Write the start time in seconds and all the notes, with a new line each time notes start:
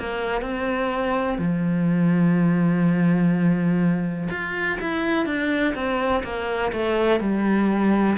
0.00 A#3
0.42 C4
1.39 F3
4.31 F4
4.81 E4
5.26 D4
5.75 C4
6.24 A#3
6.73 A3
7.21 G3